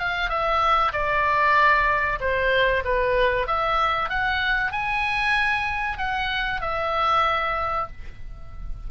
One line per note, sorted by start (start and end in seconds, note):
0.00 0.30 F5
0.30 0.93 E5
0.93 2.19 D5
2.21 2.84 C5
2.85 3.48 B4
3.48 4.10 E5
4.10 4.72 F#5
4.72 5.98 G#5
5.98 6.61 F#5
6.61 7.88 E5